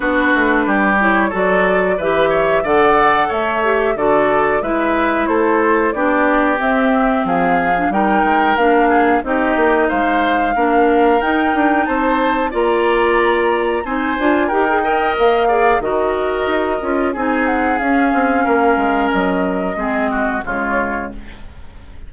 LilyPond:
<<
  \new Staff \with { instrumentName = "flute" } { \time 4/4 \tempo 4 = 91 b'4. cis''8 d''4 e''4 | fis''4 e''4 d''4 e''4 | c''4 d''4 e''4 f''4 | g''4 f''4 dis''4 f''4~ |
f''4 g''4 a''4 ais''4~ | ais''4 gis''4 g''4 f''4 | dis''2 gis''8 fis''8 f''4~ | f''4 dis''2 cis''4 | }
  \new Staff \with { instrumentName = "oboe" } { \time 4/4 fis'4 g'4 a'4 b'8 cis''8 | d''4 cis''4 a'4 b'4 | a'4 g'2 gis'4 | ais'4. gis'8 g'4 c''4 |
ais'2 c''4 d''4~ | d''4 c''4 ais'8 dis''4 d''8 | ais'2 gis'2 | ais'2 gis'8 fis'8 f'4 | }
  \new Staff \with { instrumentName = "clarinet" } { \time 4/4 d'4. e'8 fis'4 g'4 | a'4. g'8 fis'4 e'4~ | e'4 d'4 c'4.~ c'16 d'16 | dis'4 d'4 dis'2 |
d'4 dis'2 f'4~ | f'4 dis'8 f'8 g'16 gis'16 ais'4 gis'8 | fis'4. f'8 dis'4 cis'4~ | cis'2 c'4 gis4 | }
  \new Staff \with { instrumentName = "bassoon" } { \time 4/4 b8 a8 g4 fis4 e4 | d4 a4 d4 gis4 | a4 b4 c'4 f4 | g8 gis8 ais4 c'8 ais8 gis4 |
ais4 dis'8 d'8 c'4 ais4~ | ais4 c'8 d'8 dis'4 ais4 | dis4 dis'8 cis'8 c'4 cis'8 c'8 | ais8 gis8 fis4 gis4 cis4 | }
>>